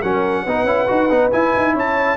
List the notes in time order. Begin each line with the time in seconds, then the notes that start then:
0.00 F#3 C#4 A#4 F#5
0.44 B3 D#4 B4
0.64 C#4 E4
0.88 D#4 F#4
1.09 B3 D#4
1.32 E4 G#5
1.56 D#4
1.73 C#4 C#5 A5